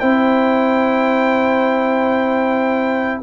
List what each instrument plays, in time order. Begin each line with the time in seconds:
0.00 tuba C4, trombone E4, horn C5, trumpet G5